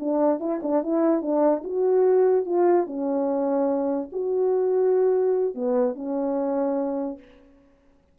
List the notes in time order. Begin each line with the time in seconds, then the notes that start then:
0.00 D4
0.40 E4
0.63 D4
0.83 E4
1.22 D4
1.64 F#4
2.46 F4
2.87 C#4
4.12 F#4
5.55 B3
5.96 C#4